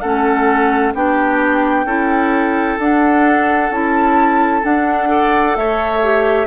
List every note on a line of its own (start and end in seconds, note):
0.00 0.94 A3
0.00 0.95 C#4
0.00 0.93 A4
0.00 0.92 F#5
0.94 1.85 B3
0.94 1.86 D4
0.94 1.86 G4
0.94 2.80 G5
1.85 2.77 C#4
1.85 2.78 E4
1.85 5.09 A4
2.78 3.70 D4
2.78 3.72 D4
2.78 3.72 F#5
3.70 4.62 C#4
3.70 4.62 E4
3.70 4.64 A5
4.62 5.07 D4
4.62 5.56 D4
4.62 5.56 F#5
5.07 5.99 A4
5.07 5.57 D5
5.56 6.47 A3
5.56 6.47 C#5
5.56 6.47 E5
6.03 6.47 G4